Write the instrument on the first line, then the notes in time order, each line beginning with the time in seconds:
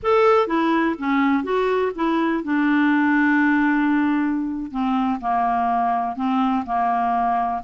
clarinet
0.02 A4
0.47 E4
0.98 C#4
1.43 F#4
1.95 E4
2.43 D4
4.71 C4
5.20 A#3
6.16 C4
6.65 A#3